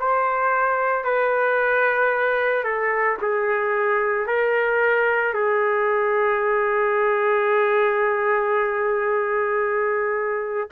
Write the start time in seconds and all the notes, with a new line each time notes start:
0.00 C5
1.05 B4
2.64 A4
3.22 G#4
4.27 A#4
5.34 G#4